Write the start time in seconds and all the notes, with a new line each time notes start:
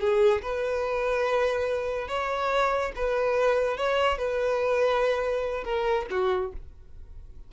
0.00 G#4
0.42 B4
2.08 C#5
2.96 B4
3.78 C#5
4.19 B4
5.64 A#4
6.11 F#4